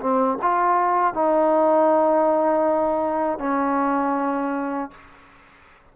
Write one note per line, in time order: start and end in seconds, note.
0.00 0.38 C4
0.42 1.14 F4
1.14 3.39 D#4
3.39 4.91 C#4